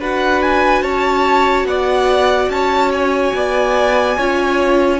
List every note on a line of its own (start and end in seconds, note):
0.00 0.83 D4
0.00 4.18 F#4
0.00 0.83 B4
0.00 0.43 F#5
0.43 0.83 G#5
0.83 1.65 C#4
0.83 1.66 C#5
0.83 1.66 A5
1.65 2.48 B3
1.65 2.52 D5
1.65 2.50 F#5
2.49 3.33 C#4
2.49 3.36 C#5
2.49 2.92 A5
2.93 5.00 G#5
3.35 4.18 B3
3.35 4.18 D5
4.18 5.00 C#4
4.18 5.00 F4
4.18 5.00 C#5